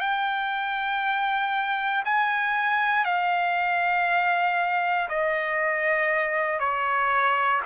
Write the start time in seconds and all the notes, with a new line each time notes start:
0.00 G5
2.05 G#5
3.05 F5
5.09 D#5
6.60 C#5